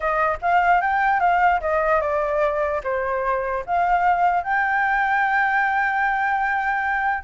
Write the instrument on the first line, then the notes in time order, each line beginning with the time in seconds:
flute
0.00 D#5
0.41 F5
0.81 G5
1.20 F5
1.60 D#5
2.00 D5
2.83 C5
3.66 F5
4.43 G5